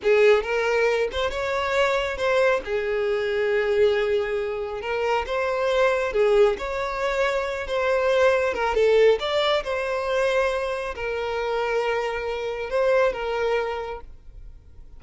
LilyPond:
\new Staff \with { instrumentName = "violin" } { \time 4/4 \tempo 4 = 137 gis'4 ais'4. c''8 cis''4~ | cis''4 c''4 gis'2~ | gis'2. ais'4 | c''2 gis'4 cis''4~ |
cis''4. c''2 ais'8 | a'4 d''4 c''2~ | c''4 ais'2.~ | ais'4 c''4 ais'2 | }